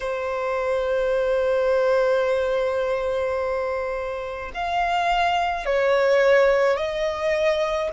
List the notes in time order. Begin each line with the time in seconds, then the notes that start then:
0.00 C5
4.53 F5
5.65 C#5
6.76 D#5